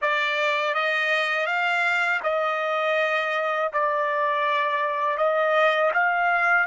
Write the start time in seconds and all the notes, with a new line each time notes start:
0.01 D5
0.74 D#5
1.46 F5
2.23 D#5
3.72 D5
5.17 D#5
5.93 F5